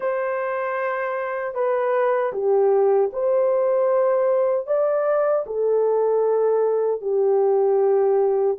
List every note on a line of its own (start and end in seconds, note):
0.00 1.54 C5
1.54 2.32 B4
2.32 3.10 G4
3.12 4.66 C5
4.66 5.44 D5
5.46 7.01 A4
7.01 8.57 G4